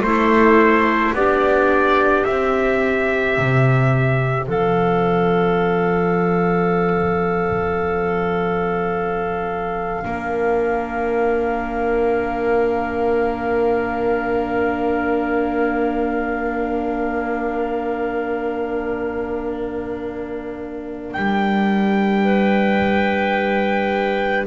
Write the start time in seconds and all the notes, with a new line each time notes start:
0.00 A3 E4 A4 C5
1.13 B3 D4 G4 D5
2.24 C4 E5
3.37 C3
4.47 F3 A4 F5
10.02 A#3 D4 A#4
21.12 G3 G5
22.24 B4